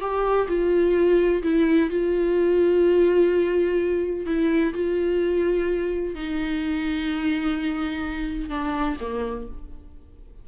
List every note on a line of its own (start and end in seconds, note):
0.00 0.47 G4
0.48 1.42 F4
1.43 1.90 E4
1.90 4.26 F4
4.26 4.73 E4
4.73 6.15 F4
6.15 8.49 D#4
8.49 8.96 D4
9.00 9.47 A#3